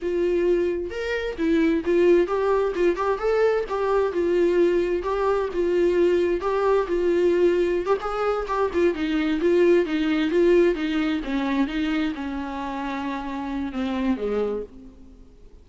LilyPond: \new Staff \with { instrumentName = "viola" } { \time 4/4 \tempo 4 = 131 f'2 ais'4 e'4 | f'4 g'4 f'8 g'8 a'4 | g'4 f'2 g'4 | f'2 g'4 f'4~ |
f'4~ f'16 g'16 gis'4 g'8 f'8 dis'8~ | dis'8 f'4 dis'4 f'4 dis'8~ | dis'8 cis'4 dis'4 cis'4.~ | cis'2 c'4 gis4 | }